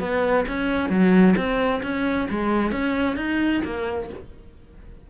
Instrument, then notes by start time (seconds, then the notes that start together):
cello
0.00 B3
0.48 C#4
0.90 F#3
1.37 C4
1.83 C#4
2.30 G#3
2.72 C#4
3.17 D#4
3.65 A#3